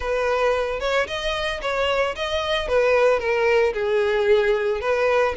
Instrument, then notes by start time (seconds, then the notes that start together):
violin
0.00 B4
0.79 C#5
1.07 D#5
1.61 C#5
2.15 D#5
2.68 B4
3.19 A#4
3.73 G#4
4.81 B4